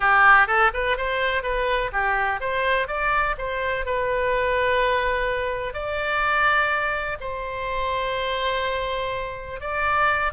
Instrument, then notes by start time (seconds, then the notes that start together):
oboe
0.00 G4
0.47 A4
0.73 B4
0.97 C5
1.43 B4
1.92 G4
2.40 C5
2.87 D5
3.37 C5
3.85 B4
5.73 D5
7.20 C5
9.60 D5